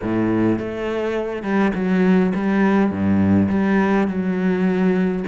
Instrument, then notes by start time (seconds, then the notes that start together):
cello
0.02 A2
0.58 A3
1.42 G3
1.74 F#3
2.34 G3
2.90 G2
3.49 G3
4.07 F#3